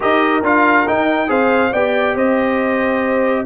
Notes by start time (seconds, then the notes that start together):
0.00 D#4 G4 A#4 D#5
0.43 D4 F4 F5
0.87 D#4 G5
1.27 C4 G#4 C5 F5
1.72 B3 G4 D5 G5
2.15 C4 C5 D#5